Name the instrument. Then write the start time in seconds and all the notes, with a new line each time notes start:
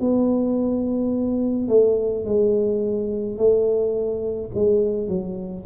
tuba
0.00 B3
1.68 A3
2.25 G#3
3.38 A3
4.54 G#3
5.08 F#3